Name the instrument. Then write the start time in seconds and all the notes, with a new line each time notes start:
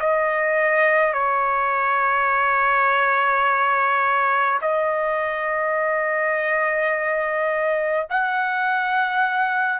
trumpet
0.00 D#5
1.14 C#5
4.62 D#5
8.10 F#5